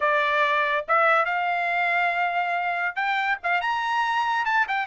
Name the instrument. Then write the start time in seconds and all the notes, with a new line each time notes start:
trumpet
0.00 D5
0.87 E5
1.25 F5
2.95 G5
3.43 F5
3.61 A#5
4.45 A5
4.68 G5